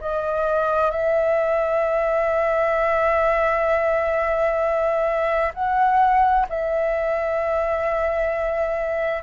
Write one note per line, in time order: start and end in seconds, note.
0.00 0.90 D#5
0.90 5.52 E5
5.54 6.46 F#5
6.49 9.23 E5